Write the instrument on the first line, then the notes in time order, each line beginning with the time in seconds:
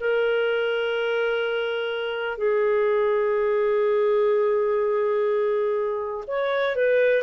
clarinet
0.00 A#4
2.38 G#4
6.27 C#5
6.76 B4